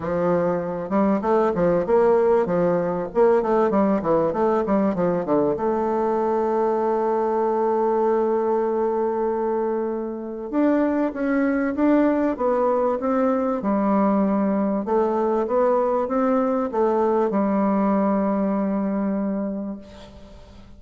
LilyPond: \new Staff \with { instrumentName = "bassoon" } { \time 4/4 \tempo 4 = 97 f4. g8 a8 f8 ais4 | f4 ais8 a8 g8 e8 a8 g8 | f8 d8 a2.~ | a1~ |
a4 d'4 cis'4 d'4 | b4 c'4 g2 | a4 b4 c'4 a4 | g1 | }